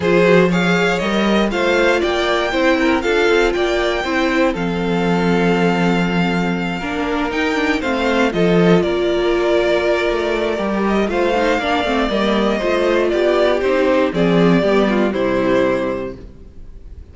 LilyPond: <<
  \new Staff \with { instrumentName = "violin" } { \time 4/4 \tempo 4 = 119 c''4 f''4 dis''4 f''4 | g''2 f''4 g''4~ | g''4 f''2.~ | f''2~ f''8 g''4 f''8~ |
f''8 dis''4 d''2~ d''8~ | d''4. dis''8 f''2 | dis''2 d''4 c''4 | d''2 c''2 | }
  \new Staff \with { instrumentName = "violin" } { \time 4/4 gis'4 cis''2 c''4 | d''4 c''8 ais'8 a'4 d''4 | c''4 a'2.~ | a'4. ais'2 c''8~ |
c''8 a'4 ais'2~ ais'8~ | ais'2 c''4 d''4~ | d''4 c''4 g'2 | gis'4 g'8 f'8 e'2 | }
  \new Staff \with { instrumentName = "viola" } { \time 4/4 f'8 fis'8 gis'4 ais'4 f'4~ | f'4 e'4 f'2 | e'4 c'2.~ | c'4. d'4 dis'8 d'8 c'8~ |
c'8 f'2.~ f'8~ | f'4 g'4 f'8 dis'8 d'8 c'8 | ais4 f'2 dis'4 | c'4 b4 g2 | }
  \new Staff \with { instrumentName = "cello" } { \time 4/4 f2 g4 a4 | ais4 c'4 d'8 c'8 ais4 | c'4 f2.~ | f4. ais4 dis'4 a8~ |
a8 f4 ais2~ ais8 | a4 g4 a4 ais8 a8 | g4 a4 b4 c'4 | f4 g4 c2 | }
>>